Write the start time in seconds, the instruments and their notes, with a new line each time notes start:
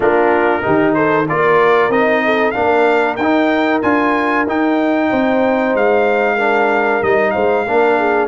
0.00 tuba A#3, trombone D4, horn F4, trumpet A#4
0.62 tuba D#3, trombone D#4, horn G4
0.94 horn A4, trumpet C5
1.29 tuba A#3, trombone F4, horn A#4, trumpet D5
1.89 tuba C4, trombone D#4, trumpet D#5
2.24 horn A4
2.51 tuba A#3, trombone D4, horn A#4, trumpet F5
3.16 tuba D#4, trumpet G5
3.22 trombone D#4
3.82 tuba D4, trombone F4, trumpet G#5
4.47 tuba D#4, trombone D#4, trumpet G5
5.09 tuba C4, horn C5
5.74 tuba G#3, trumpet F5
6.35 trombone D4, horn A#4
7.02 tuba G3, trombone D#4, trumpet D#5
7.30 tuba G#3, horn C5, trumpet F5
7.66 tuba A#3, trombone D4, horn A#4
7.98 horn G#4